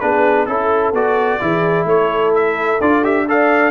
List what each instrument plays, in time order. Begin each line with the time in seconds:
0.00 tuba B3, trombone D4, horn G#4, trumpet B4
0.46 tuba C#4, trombone E4, trumpet A4, horn A4
0.93 tuba B3, trombone F#4, trumpet D5
1.40 tuba E3, trombone E4, horn G#4
1.85 tuba A3, horn A4, trumpet C#5
2.35 trumpet E5
2.81 tuba D4, trombone F4, trumpet D5
3.04 trombone G4, trumpet E5
3.27 trombone A4, horn D5, trumpet F5